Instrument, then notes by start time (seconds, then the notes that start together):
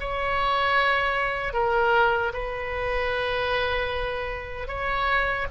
oboe
0.00 C#5
1.53 A#4
2.33 B4
4.68 C#5